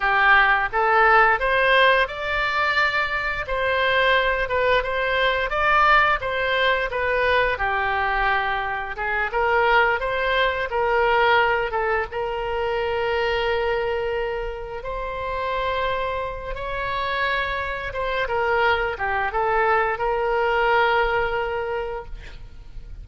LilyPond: \new Staff \with { instrumentName = "oboe" } { \time 4/4 \tempo 4 = 87 g'4 a'4 c''4 d''4~ | d''4 c''4. b'8 c''4 | d''4 c''4 b'4 g'4~ | g'4 gis'8 ais'4 c''4 ais'8~ |
ais'4 a'8 ais'2~ ais'8~ | ais'4. c''2~ c''8 | cis''2 c''8 ais'4 g'8 | a'4 ais'2. | }